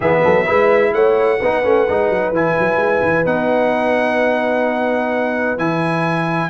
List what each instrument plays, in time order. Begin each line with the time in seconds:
0.00 tuba E3, trombone B3, horn G#4, trumpet E5
0.24 tuba F#3, horn A4
0.45 tuba G#3, trombone E4, horn B4
0.93 tuba A3, horn C#5, trumpet F#5
1.40 tuba B3, trombone D#4, horn B4
1.63 tuba A3, trombone C#4
1.88 tuba G#3, trombone D#4
2.09 tuba F#3
2.31 tuba E3, trombone E4, trumpet G#5
2.59 tuba F#3
2.77 tuba G#3
3.02 tuba E3
3.25 tuba B3, trombone D#4, trumpet F#5
5.57 tuba E3, trombone E4, trumpet G#5